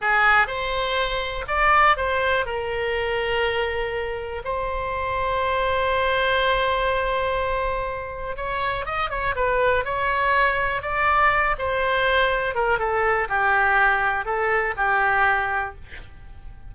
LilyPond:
\new Staff \with { instrumentName = "oboe" } { \time 4/4 \tempo 4 = 122 gis'4 c''2 d''4 | c''4 ais'2.~ | ais'4 c''2.~ | c''1~ |
c''4 cis''4 dis''8 cis''8 b'4 | cis''2 d''4. c''8~ | c''4. ais'8 a'4 g'4~ | g'4 a'4 g'2 | }